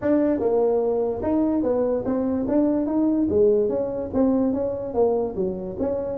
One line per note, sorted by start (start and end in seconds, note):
0.01 0.39 D4
0.39 1.21 A#3
1.22 1.63 D#4
1.63 2.04 B3
2.05 2.46 C4
2.48 2.86 D4
2.86 3.27 D#4
3.29 3.68 G#3
3.68 4.09 C#4
4.13 4.53 C4
4.53 4.94 C#4
4.94 5.35 A#3
5.35 5.76 F#3
5.79 6.18 C#4